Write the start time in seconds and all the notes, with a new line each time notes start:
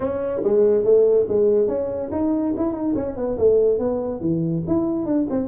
0.00 C#4
0.43 G#3
0.84 A3
1.28 G#3
1.67 C#4
2.11 D#4
2.56 E4
2.72 D#4
2.95 C#4
3.16 B3
3.38 A3
3.78 B3
4.20 E3
4.67 E4
5.05 D4
5.30 C4